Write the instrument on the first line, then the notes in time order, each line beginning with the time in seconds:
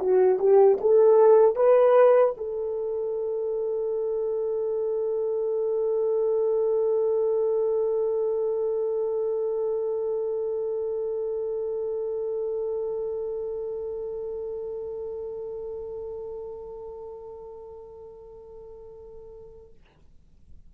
horn
0.00 F#4
0.39 G4
0.81 A4
1.56 B4
2.37 A4